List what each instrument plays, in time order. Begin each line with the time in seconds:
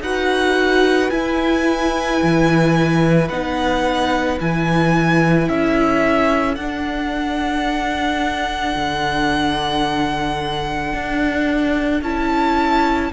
0.00 cello D#4, viola F#4, violin B4 F#5
1.10 viola E4, cello E4, violin G#5
2.22 cello E3
3.29 cello B3, viola D#4, violin F#5
4.39 cello E3, viola E4, violin G#5
5.48 cello C#4, violin A4 E5
6.55 cello D4, viola D4, violin F#5
8.75 cello D3
10.93 cello D4
12.01 cello C#4, viola E4, violin A5